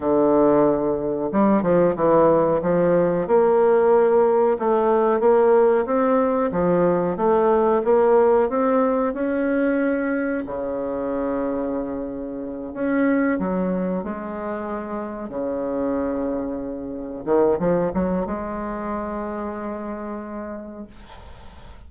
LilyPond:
\new Staff \with { instrumentName = "bassoon" } { \time 4/4 \tempo 4 = 92 d2 g8 f8 e4 | f4 ais2 a4 | ais4 c'4 f4 a4 | ais4 c'4 cis'2 |
cis2.~ cis8 cis'8~ | cis'8 fis4 gis2 cis8~ | cis2~ cis8 dis8 f8 fis8 | gis1 | }